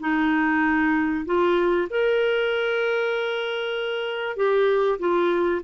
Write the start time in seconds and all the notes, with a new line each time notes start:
0.00 D#4
1.26 F4
1.90 A#4
4.36 G4
4.99 F4